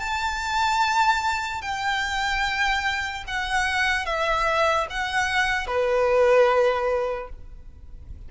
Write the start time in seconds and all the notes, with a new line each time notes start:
0.00 A5
1.62 G5
3.27 F#5
4.06 E5
4.90 F#5
5.67 B4